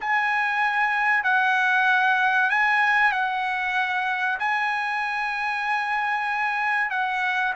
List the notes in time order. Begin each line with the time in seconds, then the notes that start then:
0.00 G#5
1.23 F#5
2.50 G#5
3.12 F#5
4.39 G#5
6.90 F#5